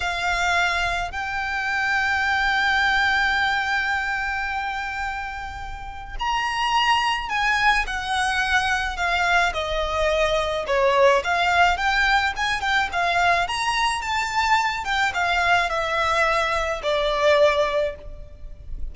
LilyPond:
\new Staff \with { instrumentName = "violin" } { \time 4/4 \tempo 4 = 107 f''2 g''2~ | g''1~ | g''2. ais''4~ | ais''4 gis''4 fis''2 |
f''4 dis''2 cis''4 | f''4 g''4 gis''8 g''8 f''4 | ais''4 a''4. g''8 f''4 | e''2 d''2 | }